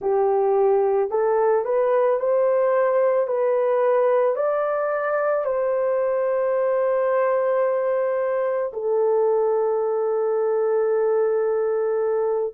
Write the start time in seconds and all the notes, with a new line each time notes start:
0.00 G4
1.10 A4
1.65 B4
2.19 C5
3.27 B4
4.35 D5
5.44 C5
8.73 A4